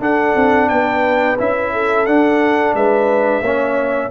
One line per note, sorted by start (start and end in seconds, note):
0.00 0.34 D4
0.00 1.37 D4
0.00 0.70 A4
0.00 0.69 F#5
0.36 0.70 C4
0.69 1.38 B3
0.69 1.73 B4
0.69 1.37 G5
1.39 2.07 C#4
1.39 2.07 E4
1.39 2.06 E5
1.73 2.75 A4
2.06 3.43 D4
2.06 2.74 D4
2.06 2.74 F#5
2.74 3.42 G#3
2.74 3.42 B4
2.74 4.11 E5
3.42 4.10 A#3
3.42 4.11 C#4
3.42 4.11 C#5